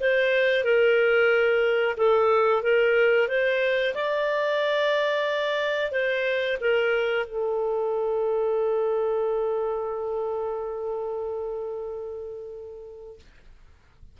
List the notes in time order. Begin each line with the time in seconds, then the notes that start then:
0.00 C5
0.64 A#4
1.97 A4
2.62 A#4
3.28 C5
3.94 D5
5.91 C5
6.60 A#4
7.26 A4